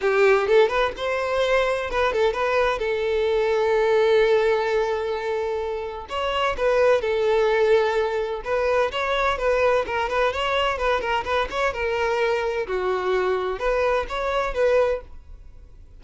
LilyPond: \new Staff \with { instrumentName = "violin" } { \time 4/4 \tempo 4 = 128 g'4 a'8 b'8 c''2 | b'8 a'8 b'4 a'2~ | a'1~ | a'4 cis''4 b'4 a'4~ |
a'2 b'4 cis''4 | b'4 ais'8 b'8 cis''4 b'8 ais'8 | b'8 cis''8 ais'2 fis'4~ | fis'4 b'4 cis''4 b'4 | }